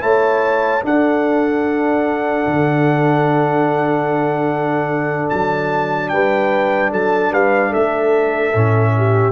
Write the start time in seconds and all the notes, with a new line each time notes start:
0.00 A3 E4 C#5 A5
0.82 D4 A4 F#5
2.47 D3
5.29 F#3 A5
6.09 G3 B4 G5
6.91 F#3 A4 A5
7.31 G3 B4 F5
7.69 A3 A4 E5
8.53 A2 C#4
8.97 G4